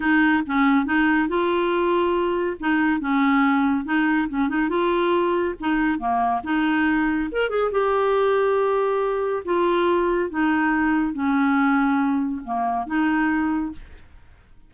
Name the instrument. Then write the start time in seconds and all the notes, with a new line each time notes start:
clarinet
0.00 D#4
0.46 C#4
0.85 D#4
1.28 F4
2.59 D#4
3.00 C#4
3.85 D#4
4.28 C#4
4.48 D#4
4.69 F4
5.59 D#4
5.98 A#3
6.43 D#4
7.31 A#4
7.49 G#4
7.71 G4
9.44 F4
10.30 D#4
11.13 C#4
12.44 A#3
12.86 D#4